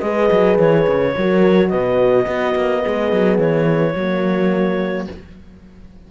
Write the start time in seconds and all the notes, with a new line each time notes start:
0.00 G#3 G#4 B4 D#5
0.31 F#3
0.58 E3 C#5
0.87 C#3
1.17 F#3 F#4 A#4
1.69 B2 B4 D#5
2.26 B3 F#4
2.55 A#3
2.81 G#3 G#4
3.12 F#3
3.38 E3 C#5
3.92 F#3 A#3 F#4